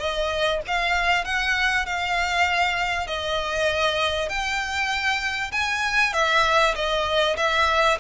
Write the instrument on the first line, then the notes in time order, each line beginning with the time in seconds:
violin
0.00 D#5
0.68 F5
1.25 F#5
1.86 F5
3.08 D#5
4.30 G5
5.52 G#5
6.14 E5
6.75 D#5
7.37 E5